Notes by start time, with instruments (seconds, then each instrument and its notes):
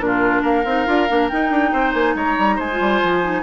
0.00 bassoon A#2, clarinet D4, oboe F4, flute A#4
0.42 bassoon A#3, oboe A#4, flute F5
0.65 bassoon C4, clarinet D#4
0.86 bassoon D4, clarinet F4
1.09 bassoon A#3, clarinet D4
1.29 clarinet D#4, bassoon D#4, flute G5
1.50 bassoon D4
1.72 bassoon C4, oboe C5
1.94 bassoon A#3, flute G#5
2.15 bassoon G#3, oboe C#5, flute A#5
2.38 bassoon G3
2.56 bassoon G#3, oboe C5, flute G#5
2.72 clarinet F4
2.80 bassoon G3
3.03 bassoon F3
3.22 clarinet D#4